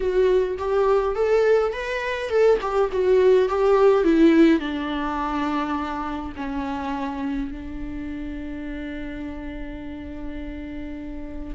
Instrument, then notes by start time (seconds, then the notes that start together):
viola
0.00 F#4
0.57 G4
1.15 A4
1.73 B4
2.29 A4
2.61 G4
2.92 F#4
3.49 G4
4.04 E4
4.59 D4
6.36 C#4
7.51 D4